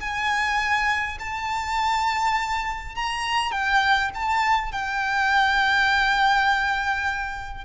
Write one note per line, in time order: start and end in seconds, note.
0.00 1.18 G#5
1.19 2.95 A5
2.95 3.52 A#5
3.52 4.10 G5
4.14 4.72 A5
4.72 7.64 G5